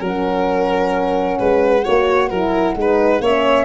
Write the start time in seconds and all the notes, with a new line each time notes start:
0.00 F#3 C#4 A#4 F#5
1.39 G#3 B4
1.85 A#3 F#4 C#5
2.30 F#3 E4 A#4
2.76 G#3 D#4 B4
3.21 A#3 C#4 C#5 E5